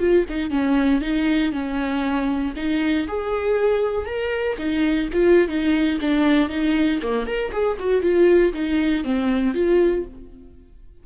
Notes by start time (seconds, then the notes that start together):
0.00 F4
0.29 D#4
0.51 C#4
1.02 D#4
1.53 C#4
2.57 D#4
3.08 G#4
4.06 A#4
4.58 D#4
5.13 F4
5.48 D#4
6.01 D4
6.50 D#4
7.03 A#3
7.27 A#4
7.52 G#4
7.80 F#4
8.02 F4
8.54 D#4
9.04 C4
9.54 F4